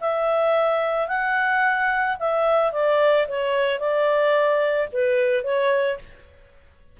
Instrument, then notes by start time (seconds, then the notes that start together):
clarinet
0.00 E5
1.08 F#5
2.19 E5
2.72 D5
3.28 C#5
3.79 D5
4.92 B4
5.43 C#5